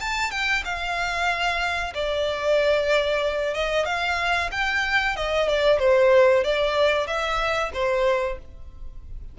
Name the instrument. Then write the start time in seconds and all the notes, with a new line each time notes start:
violin
0.00 A5
0.31 G5
0.65 F5
1.94 D5
3.54 D#5
3.85 F5
4.51 G5
5.16 D#5
5.48 D5
5.79 C5
6.44 D5
7.07 E5
7.73 C5